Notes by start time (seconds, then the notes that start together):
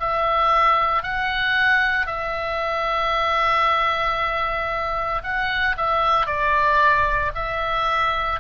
0.00 E5
1.03 F#5
2.07 E5
5.23 F#5
5.78 E5
6.27 D5
7.35 E5